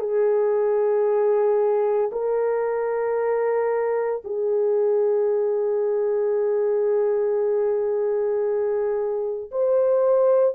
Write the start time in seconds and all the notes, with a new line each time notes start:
0.00 G#4
2.12 A#4
4.25 G#4
9.52 C5